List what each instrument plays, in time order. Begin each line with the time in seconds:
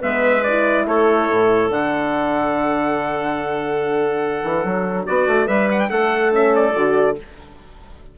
0.00 bassoon G#3, horn B3, clarinet B4, trumpet E5
0.43 horn E4, trumpet D5
0.86 bassoon A3, clarinet A4, trumpet C#5
1.30 bassoon A2
1.69 bassoon D3, horn D4, trumpet F#5
4.43 bassoon E3
4.64 bassoon F#3
5.06 bassoon B3, clarinet F#4, trumpet D5
5.27 bassoon A3
5.46 bassoon G3, clarinet B4, trumpet E5
5.71 trumpet F#5
5.80 trumpet G5
5.89 bassoon A3, clarinet A4, trumpet F#5
6.31 horn C#4, trumpet E5
6.55 trumpet D5
6.75 bassoon D3, horn F#4